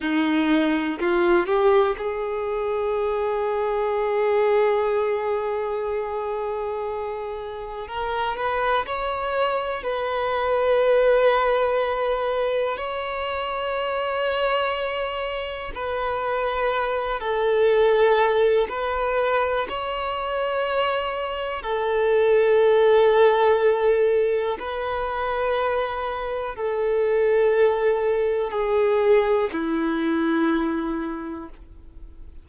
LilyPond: \new Staff \with { instrumentName = "violin" } { \time 4/4 \tempo 4 = 61 dis'4 f'8 g'8 gis'2~ | gis'1 | ais'8 b'8 cis''4 b'2~ | b'4 cis''2. |
b'4. a'4. b'4 | cis''2 a'2~ | a'4 b'2 a'4~ | a'4 gis'4 e'2 | }